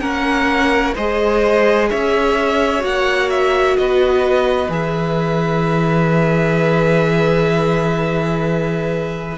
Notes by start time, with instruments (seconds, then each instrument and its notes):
0.00 cello A#3, viola C#4, violin A#4 F#5
0.95 cello G#3, viola G#4, violin C5 D#5
1.90 cello C#4, violin C#5 E5
2.80 cello A#3, viola F#4, violin F#5
3.30 violin E5
3.77 cello B3, violin B4 D#5
4.69 cello E3, viola G#4, violin E5